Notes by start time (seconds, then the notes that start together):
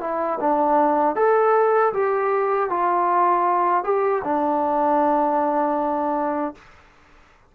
0.00 E4
0.40 D4
1.15 A4
1.93 G4
2.69 F4
3.84 G4
4.24 D4